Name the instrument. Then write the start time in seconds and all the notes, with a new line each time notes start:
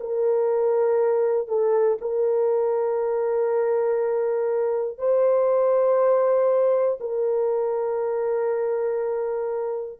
horn
0.00 A#4
1.48 A4
2.00 A#4
4.98 C5
7.00 A#4